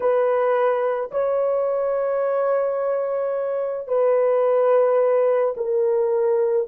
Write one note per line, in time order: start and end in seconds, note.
0.00 1.10 B4
1.11 3.87 C#5
3.87 5.54 B4
5.56 6.67 A#4